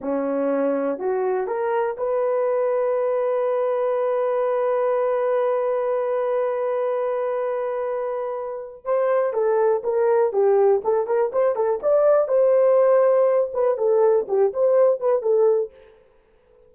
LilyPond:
\new Staff \with { instrumentName = "horn" } { \time 4/4 \tempo 4 = 122 cis'2 fis'4 ais'4 | b'1~ | b'1~ | b'1~ |
b'2 c''4 a'4 | ais'4 g'4 a'8 ais'8 c''8 a'8 | d''4 c''2~ c''8 b'8 | a'4 g'8 c''4 b'8 a'4 | }